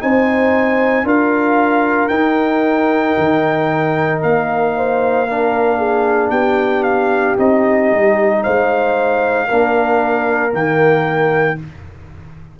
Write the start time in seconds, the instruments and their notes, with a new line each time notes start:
0.00 tuba C4, trombone D#4, horn C5, trumpet G#5
1.04 tuba D4, trombone F4, horn A#4, trumpet F5
2.08 tuba D#4, trombone D#4, trumpet G5
3.18 tuba D#3
4.23 tuba A#3, trumpet F5
4.77 horn C5
5.27 trombone D4, horn A#4
5.78 horn G#4
6.30 tuba B3, horn G4, trumpet G5
6.83 trumpet F5
7.38 tuba C4, trombone D#4, trumpet D#5
7.91 tuba G3
8.43 tuba G#3, horn C5, trumpet F5
9.48 tuba A#3, trombone D4, horn A#4
10.51 tuba D#3, trombone A#3, trumpet G5